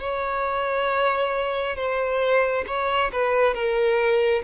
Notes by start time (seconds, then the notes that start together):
0.00 C#5
1.76 C5
2.67 C#5
3.12 B4
3.55 A#4